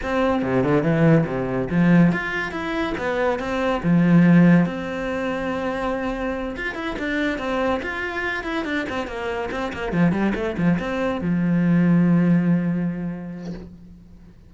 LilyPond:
\new Staff \with { instrumentName = "cello" } { \time 4/4 \tempo 4 = 142 c'4 c8 d8 e4 c4 | f4 f'4 e'4 b4 | c'4 f2 c'4~ | c'2.~ c'8 f'8 |
e'8 d'4 c'4 f'4. | e'8 d'8 c'8 ais4 c'8 ais8 f8 | g8 a8 f8 c'4 f4.~ | f1 | }